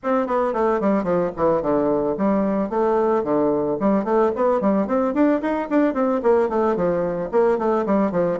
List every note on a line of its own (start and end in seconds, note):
0.03 0.27 C4
0.27 0.53 B3
0.53 0.80 A3
0.80 1.03 G3
1.03 1.30 F3
1.36 1.62 E3
1.62 2.16 D3
2.17 2.69 G3
2.69 3.23 A3
3.23 3.77 D3
3.80 4.04 G3
4.04 4.31 A3
4.35 4.60 B3
4.60 4.87 G3
4.87 5.14 C4
5.14 5.41 D4
5.41 5.68 D#4
5.70 5.94 D4
5.94 6.21 C4
6.22 6.49 A#3
6.49 6.76 A3
6.76 7.30 F3
7.31 7.58 A#3
7.58 7.85 A3
7.86 8.11 G3
8.11 8.38 F3